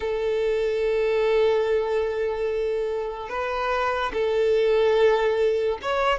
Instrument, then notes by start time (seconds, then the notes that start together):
violin
0.00 A4
3.29 B4
4.13 A4
5.82 C#5